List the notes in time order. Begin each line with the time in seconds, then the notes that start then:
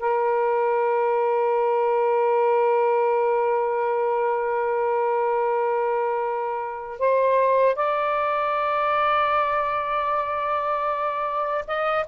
0.00 A#4
6.99 C5
7.76 D5
11.67 D#5